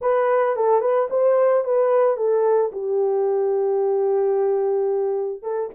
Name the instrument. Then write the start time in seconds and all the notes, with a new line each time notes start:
horn
0.01 B4
0.56 A4
0.80 B4
1.10 C5
1.64 B4
2.16 A4
2.71 G4
5.42 A4